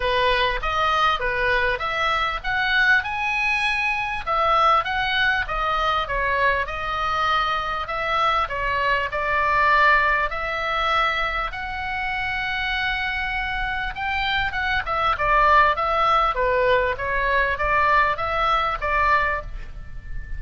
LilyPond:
\new Staff \with { instrumentName = "oboe" } { \time 4/4 \tempo 4 = 99 b'4 dis''4 b'4 e''4 | fis''4 gis''2 e''4 | fis''4 dis''4 cis''4 dis''4~ | dis''4 e''4 cis''4 d''4~ |
d''4 e''2 fis''4~ | fis''2. g''4 | fis''8 e''8 d''4 e''4 b'4 | cis''4 d''4 e''4 d''4 | }